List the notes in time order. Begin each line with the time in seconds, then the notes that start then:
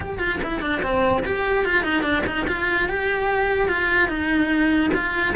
0.00 G4
0.18 F4
0.43 E4
0.61 D4
0.82 C4
1.25 G4
1.65 F4
1.83 D#4
2.02 D4
2.26 D#4
2.47 F4
2.88 G4
3.68 F4
4.08 D#4
4.93 F4